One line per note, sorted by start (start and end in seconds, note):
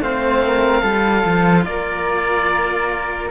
0.00 0.82 A3
0.00 0.83 C4
0.00 0.45 C5
0.00 1.65 F5
0.46 0.82 A#4
0.82 1.24 G3
0.82 3.29 F4
0.82 1.64 A4
1.25 1.66 F3
1.65 3.30 A#3
1.65 3.30 A#4
1.65 3.29 D5